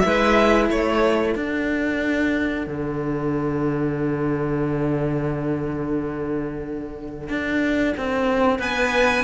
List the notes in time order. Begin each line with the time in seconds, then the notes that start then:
0.00 G#3 E4 E5
0.06 B4
0.70 A3 A4 C#5
1.35 D4 F#5
2.67 D3
7.29 D4
7.97 C4
8.59 B3 B4 G#5